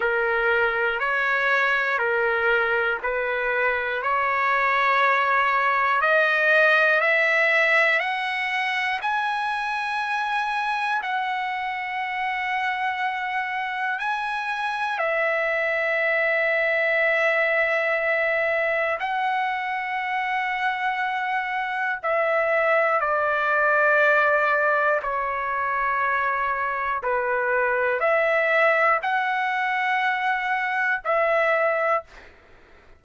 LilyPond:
\new Staff \with { instrumentName = "trumpet" } { \time 4/4 \tempo 4 = 60 ais'4 cis''4 ais'4 b'4 | cis''2 dis''4 e''4 | fis''4 gis''2 fis''4~ | fis''2 gis''4 e''4~ |
e''2. fis''4~ | fis''2 e''4 d''4~ | d''4 cis''2 b'4 | e''4 fis''2 e''4 | }